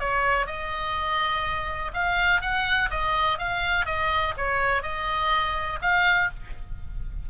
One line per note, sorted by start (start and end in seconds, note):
0.00 0.47 C#5
0.47 1.92 D#5
1.94 2.42 F5
2.42 2.90 F#5
2.91 3.39 D#5
3.39 3.86 F5
3.86 4.34 D#5
4.37 4.83 C#5
4.83 5.80 D#5
5.82 6.30 F5